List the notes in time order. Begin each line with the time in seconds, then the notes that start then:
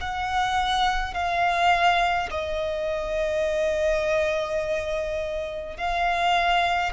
0.00 F#5
1.13 F5
2.30 D#5
5.77 F5